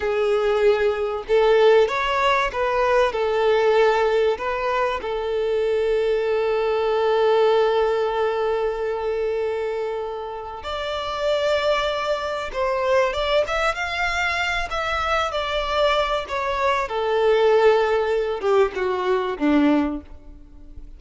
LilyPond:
\new Staff \with { instrumentName = "violin" } { \time 4/4 \tempo 4 = 96 gis'2 a'4 cis''4 | b'4 a'2 b'4 | a'1~ | a'1~ |
a'4 d''2. | c''4 d''8 e''8 f''4. e''8~ | e''8 d''4. cis''4 a'4~ | a'4. g'8 fis'4 d'4 | }